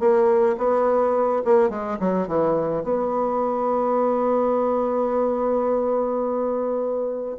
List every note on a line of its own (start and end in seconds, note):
0.00 0.57 A#3
0.58 1.43 B3
1.45 1.70 A#3
1.70 1.99 G#3
2.00 2.28 F#3
2.28 2.84 E3
2.84 7.37 B3